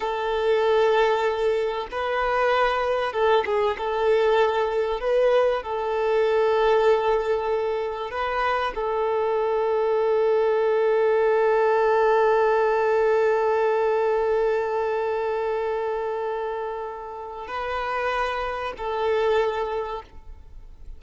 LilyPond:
\new Staff \with { instrumentName = "violin" } { \time 4/4 \tempo 4 = 96 a'2. b'4~ | b'4 a'8 gis'8 a'2 | b'4 a'2.~ | a'4 b'4 a'2~ |
a'1~ | a'1~ | a'1 | b'2 a'2 | }